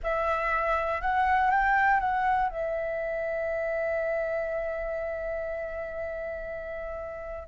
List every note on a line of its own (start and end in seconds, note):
0.03 1.01 E5
1.01 1.50 F#5
1.50 2.00 G5
2.00 2.49 F#5
2.49 7.48 E5